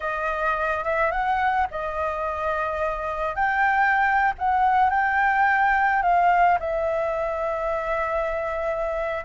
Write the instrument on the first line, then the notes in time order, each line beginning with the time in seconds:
flute
0.00 D#5
0.84 E5
1.11 F#5
1.71 D#5
3.35 G5
4.38 F#5
4.90 G5
6.02 F5
6.59 E5